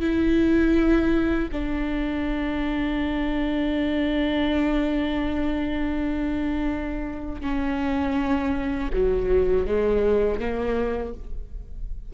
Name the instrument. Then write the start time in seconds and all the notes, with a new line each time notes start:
viola
0.00 E4
1.52 D4
7.41 C#4
8.93 F#3
9.66 G#3
10.40 A#3